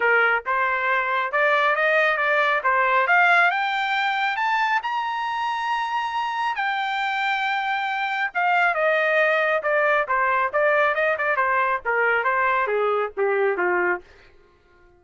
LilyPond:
\new Staff \with { instrumentName = "trumpet" } { \time 4/4 \tempo 4 = 137 ais'4 c''2 d''4 | dis''4 d''4 c''4 f''4 | g''2 a''4 ais''4~ | ais''2. g''4~ |
g''2. f''4 | dis''2 d''4 c''4 | d''4 dis''8 d''8 c''4 ais'4 | c''4 gis'4 g'4 f'4 | }